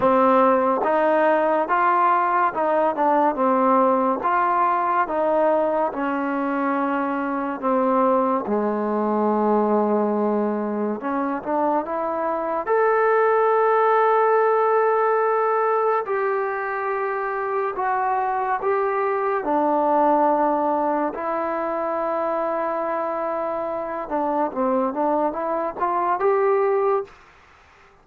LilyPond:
\new Staff \with { instrumentName = "trombone" } { \time 4/4 \tempo 4 = 71 c'4 dis'4 f'4 dis'8 d'8 | c'4 f'4 dis'4 cis'4~ | cis'4 c'4 gis2~ | gis4 cis'8 d'8 e'4 a'4~ |
a'2. g'4~ | g'4 fis'4 g'4 d'4~ | d'4 e'2.~ | e'8 d'8 c'8 d'8 e'8 f'8 g'4 | }